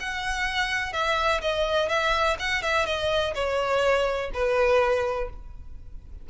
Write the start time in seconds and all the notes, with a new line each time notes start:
0.00 F#5
0.93 E5
1.41 D#5
1.89 E5
2.39 F#5
2.62 E5
2.86 D#5
3.34 C#5
4.33 B4